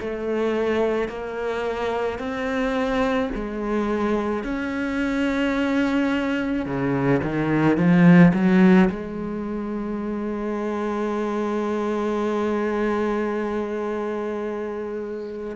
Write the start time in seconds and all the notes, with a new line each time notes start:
0.00 A3
1.09 A#3
2.19 C4
3.34 G#3
4.43 C#4
6.65 C#3
7.23 D#3
7.77 F3
8.34 F#3
8.89 G#3